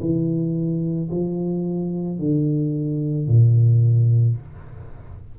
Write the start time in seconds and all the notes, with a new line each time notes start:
0.00 E3
1.11 F3
2.19 D3
3.27 A#2